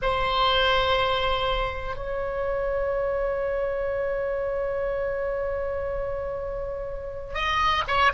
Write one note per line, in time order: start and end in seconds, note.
0.02 1.96 C5
1.96 7.34 C#5
7.34 7.83 D#5
7.87 8.12 C#5